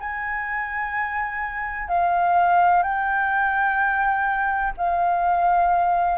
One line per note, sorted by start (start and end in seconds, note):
0.00 1.89 G#5
1.89 2.83 F5
2.83 4.73 G5
4.77 6.18 F5